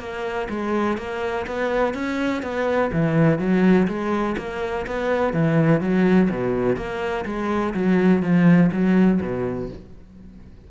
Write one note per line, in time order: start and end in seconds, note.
0.00 0.48 A#3
0.50 0.98 G#3
0.98 1.46 A#3
1.47 1.94 B3
1.94 2.43 C#4
2.43 2.91 B3
2.93 3.39 E3
3.39 3.88 F#3
3.88 4.36 G#3
4.38 4.86 A#3
4.87 5.34 B3
5.34 5.81 E3
5.81 6.30 F#3
6.30 6.77 B2
6.77 7.25 A#3
7.26 7.74 G#3
7.74 8.23 F#3
8.23 8.71 F3
8.72 9.21 F#3
9.22 9.70 B2